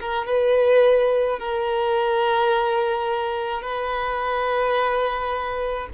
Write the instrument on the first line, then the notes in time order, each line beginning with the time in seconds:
violin
0.00 A#4
0.26 B4
1.39 A#4
3.62 B4